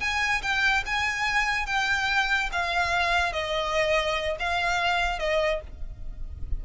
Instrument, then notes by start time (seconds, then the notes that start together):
violin
0.00 G#5
0.42 G5
0.86 G#5
1.66 G5
2.52 F5
3.32 D#5
4.39 F5
5.19 D#5